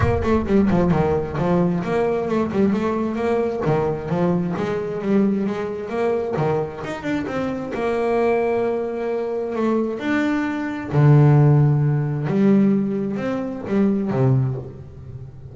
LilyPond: \new Staff \with { instrumentName = "double bass" } { \time 4/4 \tempo 4 = 132 ais8 a8 g8 f8 dis4 f4 | ais4 a8 g8 a4 ais4 | dis4 f4 gis4 g4 | gis4 ais4 dis4 dis'8 d'8 |
c'4 ais2.~ | ais4 a4 d'2 | d2. g4~ | g4 c'4 g4 c4 | }